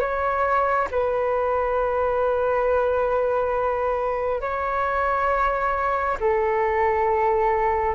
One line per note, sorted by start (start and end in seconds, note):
0.00 0.88 C#5
0.91 4.42 B4
4.42 6.18 C#5
6.20 7.96 A4